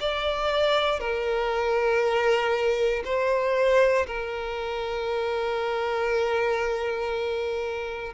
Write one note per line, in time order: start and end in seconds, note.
0.00 1.00 D5
1.00 3.03 A#4
3.05 4.06 C5
4.07 8.14 A#4